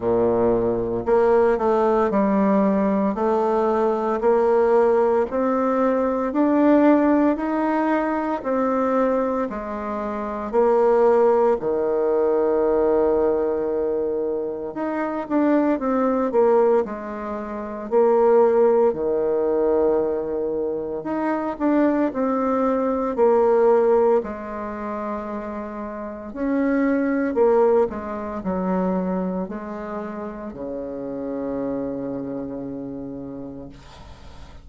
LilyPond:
\new Staff \with { instrumentName = "bassoon" } { \time 4/4 \tempo 4 = 57 ais,4 ais8 a8 g4 a4 | ais4 c'4 d'4 dis'4 | c'4 gis4 ais4 dis4~ | dis2 dis'8 d'8 c'8 ais8 |
gis4 ais4 dis2 | dis'8 d'8 c'4 ais4 gis4~ | gis4 cis'4 ais8 gis8 fis4 | gis4 cis2. | }